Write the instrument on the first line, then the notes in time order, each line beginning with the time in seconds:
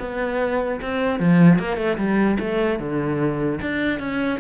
cello
0.00 B3
0.82 C4
1.20 F3
1.59 A#3
1.77 A3
1.98 G3
2.40 A3
2.80 D3
3.62 D4
4.00 C#4